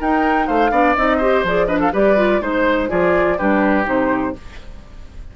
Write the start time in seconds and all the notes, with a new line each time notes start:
0.00 D#4 A#4 G5
0.47 A3 C5 F5
0.71 B3 D4 D5
0.96 C4 D#4 D#5
1.17 G4 C5
1.44 F3 G#4 D5
1.67 D4 B4 D#5
1.80 A4 F5
1.93 G3 G4 B4 D5
2.17 F4
2.41 G#3 D#4 C5
2.89 F3 F4 G#4 D5
3.38 G3 D4 G4 B4
3.85 C3 D#4 C5